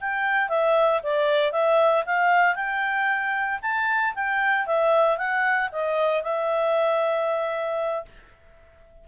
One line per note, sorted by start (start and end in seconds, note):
0.00 0.49 G5
0.49 1.01 E5
1.03 1.52 D5
1.52 2.04 E5
2.06 2.55 F5
2.55 3.60 G5
3.62 4.14 A5
4.15 4.66 G5
4.66 5.17 E5
5.17 5.70 F#5
5.72 6.23 D#5
6.23 8.05 E5